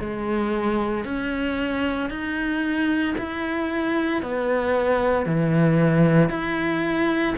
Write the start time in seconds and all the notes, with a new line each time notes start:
0.00 G#3
1.05 C#4
2.10 D#4
3.18 E4
4.22 B3
5.26 E3
6.30 E4